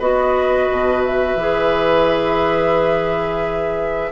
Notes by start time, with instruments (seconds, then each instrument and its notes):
0.00 bassoon B3, clarinet F#4, oboe B4, flute D#5
0.71 bassoon B2
1.05 flute E5
1.36 bassoon E3, clarinet G#4